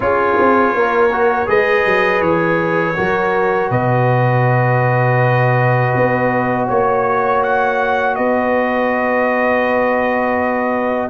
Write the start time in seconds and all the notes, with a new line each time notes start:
0.00 C#4 F4 G#4 C#5
0.38 C4
0.73 A#3 A#4
1.11 F#4
1.46 G#3 G#4 B4 D#5
1.85 F#3
2.21 E3 C#5
2.96 F#3 F#4 A#4
3.70 B2 B4 D#5
5.95 B3
6.67 A#3 C#5
7.43 F#5
8.15 B3 B4 D#5